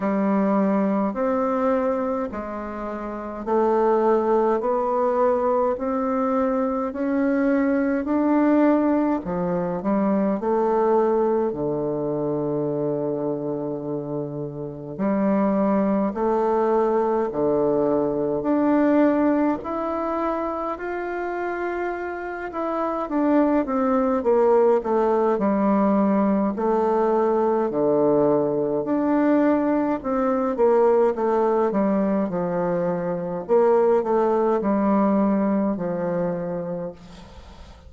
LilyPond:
\new Staff \with { instrumentName = "bassoon" } { \time 4/4 \tempo 4 = 52 g4 c'4 gis4 a4 | b4 c'4 cis'4 d'4 | f8 g8 a4 d2~ | d4 g4 a4 d4 |
d'4 e'4 f'4. e'8 | d'8 c'8 ais8 a8 g4 a4 | d4 d'4 c'8 ais8 a8 g8 | f4 ais8 a8 g4 f4 | }